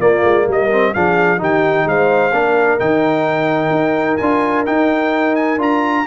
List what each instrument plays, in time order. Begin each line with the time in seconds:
0.00 tuba A#3, trombone A#3, horn F4, trumpet D5
0.24 tuba G#3
0.48 tuba G3, horn A#4, trumpet D#5
0.71 trombone C4
0.94 tuba F3, trombone D4, horn G#4, trumpet F5
1.38 tuba D#3, trombone D#4, horn G4, trumpet G5
1.86 tuba G#3, horn C5, trumpet F5
2.33 tuba A#3, trombone D4, horn A#4
2.80 tuba D#3, trombone D#4, trumpet G5
3.71 tuba D#4
4.18 tuba D4, trombone F4, trumpet G#5
4.66 trombone D#4, tuba D#4, trumpet G5
5.36 trumpet G#5
5.58 tuba D4, trombone F4, trumpet A#5